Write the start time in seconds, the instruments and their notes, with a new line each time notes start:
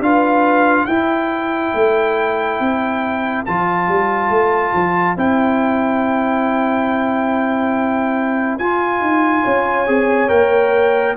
0.00 tuba D4, trombone F4, horn B4, trumpet F5
0.86 tuba E4, trombone E4, horn C5, trumpet G5
1.74 tuba A3
2.60 tuba C4
3.46 tuba F3, trombone F4, trumpet A5
3.88 tuba G3
4.30 tuba A3
4.73 tuba F3
5.17 tuba C4, trombone E4, trumpet G5
8.58 tuba F4, trombone F4, trumpet G#5
9.01 tuba D#4
9.44 tuba C#4, horn C#5
9.87 tuba C4, trombone G#4
10.28 tuba A#3, trombone A#4, trumpet G5